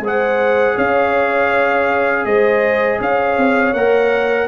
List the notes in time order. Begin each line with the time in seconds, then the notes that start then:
0.00 G#3 G#4 C5
0.07 F#5
0.75 C#4 C#5 F5
2.25 G#3 C5 D#5
3.00 C#4 C#5 F5
3.37 C4
3.73 A#3 A#4 F#5